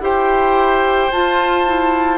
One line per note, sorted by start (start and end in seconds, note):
0.00 1.09 E4
0.00 1.11 G4
0.00 2.17 C5
0.00 1.11 G5
1.11 1.66 F4
1.11 2.17 F4
1.11 2.17 A5
1.66 2.17 E4